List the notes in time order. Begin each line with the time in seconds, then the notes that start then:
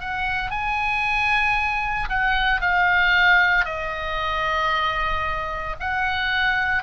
0.00 F#5
0.50 G#5
2.09 F#5
2.60 F5
3.65 D#5
5.79 F#5